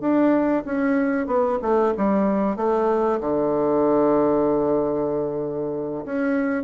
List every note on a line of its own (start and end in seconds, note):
0.00 0.63 D4
0.65 1.26 C#4
1.26 1.58 B3
1.62 1.93 A3
1.97 2.56 G3
2.56 3.19 A3
3.20 6.04 D3
6.05 6.63 C#4